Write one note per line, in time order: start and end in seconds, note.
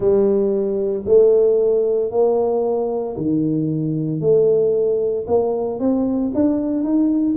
0.00 1.04 G3
1.05 2.11 A3
2.11 3.16 A#3
3.16 4.20 D#3
4.20 5.25 A3
5.27 5.79 A#3
5.79 6.32 C4
6.34 6.83 D4
6.83 7.36 D#4